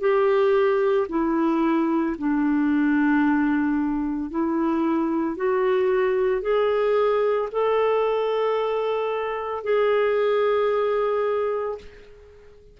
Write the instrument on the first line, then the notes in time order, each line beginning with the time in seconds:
clarinet
0.00 G4
1.08 E4
2.17 D4
4.30 E4
5.36 F#4
6.41 G#4
7.51 A4
9.63 G#4